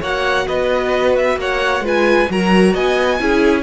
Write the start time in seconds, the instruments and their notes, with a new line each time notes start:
0.00 cello A#3, viola F#4, violin C#5 F#5
0.47 cello B3, violin B4 D#5
1.16 violin E5
1.36 cello A#3, violin C#5 F#5
1.80 cello G#3, viola F4, violin B4
1.87 violin G#5
2.30 cello F#3, viola F#4, violin A#4 A#5
2.73 cello B3, violin D#5 G#5
3.19 cello C#4, viola E4, violin G#4